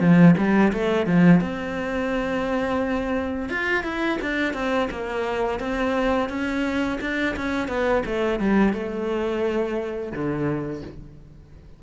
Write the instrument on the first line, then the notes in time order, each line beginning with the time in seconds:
cello
0.00 F3
0.38 G3
0.73 A3
1.06 F3
1.41 C4
3.49 F4
3.84 E4
4.22 D4
4.54 C4
4.91 A#3
5.59 C4
6.29 C#4
7.01 D4
7.36 C#4
7.68 B3
8.06 A3
8.39 G3
8.73 A3
10.12 D3